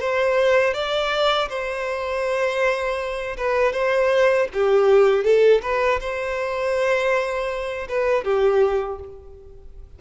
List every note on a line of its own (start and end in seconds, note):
0.00 0.74 C5
0.74 1.49 D5
1.49 3.36 C5
3.37 3.73 B4
3.73 4.48 C5
4.53 5.24 G4
5.24 5.61 A4
5.62 6.00 B4
6.00 7.88 C5
7.89 8.24 B4
8.24 8.99 G4